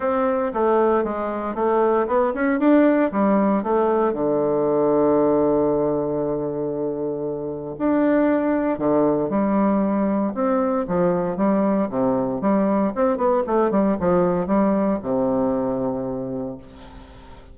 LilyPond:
\new Staff \with { instrumentName = "bassoon" } { \time 4/4 \tempo 4 = 116 c'4 a4 gis4 a4 | b8 cis'8 d'4 g4 a4 | d1~ | d2. d'4~ |
d'4 d4 g2 | c'4 f4 g4 c4 | g4 c'8 b8 a8 g8 f4 | g4 c2. | }